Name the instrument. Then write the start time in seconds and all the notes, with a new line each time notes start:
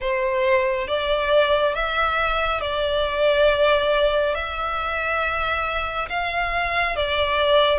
violin
0.00 C5
0.87 D5
1.74 E5
2.60 D5
4.34 E5
6.09 F5
6.96 D5